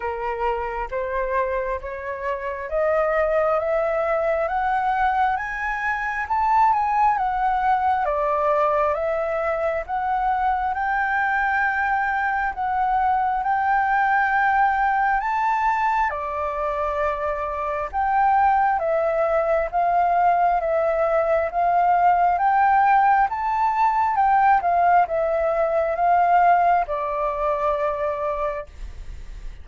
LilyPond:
\new Staff \with { instrumentName = "flute" } { \time 4/4 \tempo 4 = 67 ais'4 c''4 cis''4 dis''4 | e''4 fis''4 gis''4 a''8 gis''8 | fis''4 d''4 e''4 fis''4 | g''2 fis''4 g''4~ |
g''4 a''4 d''2 | g''4 e''4 f''4 e''4 | f''4 g''4 a''4 g''8 f''8 | e''4 f''4 d''2 | }